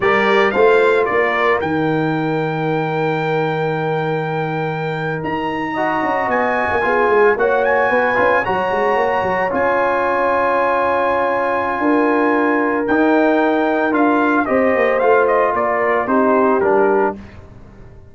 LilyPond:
<<
  \new Staff \with { instrumentName = "trumpet" } { \time 4/4 \tempo 4 = 112 d''4 f''4 d''4 g''4~ | g''1~ | g''4.~ g''16 ais''2 gis''16~ | gis''4.~ gis''16 fis''8 gis''4. ais''16~ |
ais''4.~ ais''16 gis''2~ gis''16~ | gis''1 | g''2 f''4 dis''4 | f''8 dis''8 d''4 c''4 ais'4 | }
  \new Staff \with { instrumentName = "horn" } { \time 4/4 ais'4 c''4 ais'2~ | ais'1~ | ais'2~ ais'8. dis''4~ dis''16~ | dis''8. gis'4 cis''4 b'4 cis''16~ |
cis''1~ | cis''2 ais'2~ | ais'2. c''4~ | c''4 ais'4 g'2 | }
  \new Staff \with { instrumentName = "trombone" } { \time 4/4 g'4 f'2 dis'4~ | dis'1~ | dis'2~ dis'8. fis'4~ fis'16~ | fis'8. f'4 fis'4. f'8 fis'16~ |
fis'4.~ fis'16 f'2~ f'16~ | f'1 | dis'2 f'4 g'4 | f'2 dis'4 d'4 | }
  \new Staff \with { instrumentName = "tuba" } { \time 4/4 g4 a4 ais4 dis4~ | dis1~ | dis4.~ dis16 dis'4. cis'8 b16~ | b8 ais16 b8 gis8 ais4 b8 cis'8 fis16~ |
fis16 gis8 ais8 fis8 cis'2~ cis'16~ | cis'2 d'2 | dis'2 d'4 c'8 ais8 | a4 ais4 c'4 g4 | }
>>